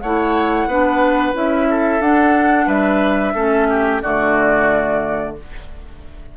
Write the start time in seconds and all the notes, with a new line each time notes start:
0.00 A3 E4 C#5 F#5
0.67 B3 D4 B4
1.34 C#4 E4 E5
1.70 A4
2.00 D4 F#5
2.67 G3 B4 E5
3.35 A3 C#4 A4
3.70 G4
4.02 D3 A3 F#4 D5